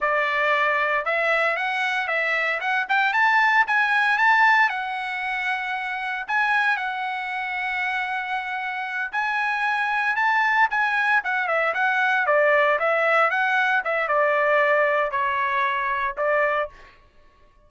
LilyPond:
\new Staff \with { instrumentName = "trumpet" } { \time 4/4 \tempo 4 = 115 d''2 e''4 fis''4 | e''4 fis''8 g''8 a''4 gis''4 | a''4 fis''2. | gis''4 fis''2.~ |
fis''4. gis''2 a''8~ | a''8 gis''4 fis''8 e''8 fis''4 d''8~ | d''8 e''4 fis''4 e''8 d''4~ | d''4 cis''2 d''4 | }